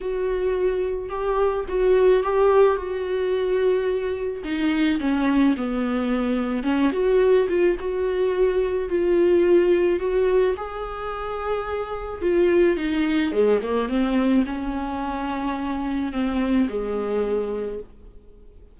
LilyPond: \new Staff \with { instrumentName = "viola" } { \time 4/4 \tempo 4 = 108 fis'2 g'4 fis'4 | g'4 fis'2. | dis'4 cis'4 b2 | cis'8 fis'4 f'8 fis'2 |
f'2 fis'4 gis'4~ | gis'2 f'4 dis'4 | gis8 ais8 c'4 cis'2~ | cis'4 c'4 gis2 | }